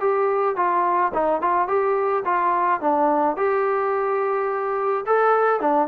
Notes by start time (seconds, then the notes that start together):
0.00 G4
0.56 F4
1.14 D#4
1.41 F4
1.67 G4
2.25 F4
2.80 D4
3.37 G4
5.06 A4
5.60 D4